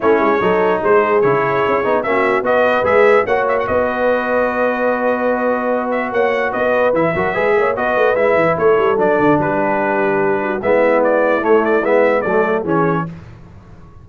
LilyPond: <<
  \new Staff \with { instrumentName = "trumpet" } { \time 4/4 \tempo 4 = 147 cis''2 c''4 cis''4~ | cis''4 e''4 dis''4 e''4 | fis''8 e''16 fis''16 dis''2.~ | dis''2~ dis''8 e''8 fis''4 |
dis''4 e''2 dis''4 | e''4 cis''4 d''4 b'4~ | b'2 e''4 d''4 | cis''8 d''8 e''4 d''4 cis''4 | }
  \new Staff \with { instrumentName = "horn" } { \time 4/4 e'4 a'4 gis'2~ | gis'4 fis'4 b'2 | cis''4 b'2.~ | b'2. cis''4 |
b'4. ais'8 b'8 cis''8 b'4~ | b'4 a'2 g'4~ | g'4. fis'8 e'2~ | e'2 a'4 gis'4 | }
  \new Staff \with { instrumentName = "trombone" } { \time 4/4 cis'4 dis'2 e'4~ | e'8 dis'8 cis'4 fis'4 gis'4 | fis'1~ | fis'1~ |
fis'4 e'8 fis'8 gis'4 fis'4 | e'2 d'2~ | d'2 b2 | a4 b4 a4 cis'4 | }
  \new Staff \with { instrumentName = "tuba" } { \time 4/4 a8 gis8 fis4 gis4 cis4 | cis'8 b8 ais4 b4 gis4 | ais4 b2.~ | b2. ais4 |
b4 e8 fis8 gis8 ais8 b8 a8 | gis8 e8 a8 g8 fis8 d8 g4~ | g2 gis2 | a4 gis4 fis4 e4 | }
>>